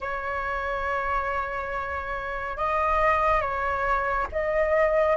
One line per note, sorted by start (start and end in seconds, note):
0.00 2.57 C#5
2.57 3.41 D#5
3.41 4.26 C#5
4.32 5.16 D#5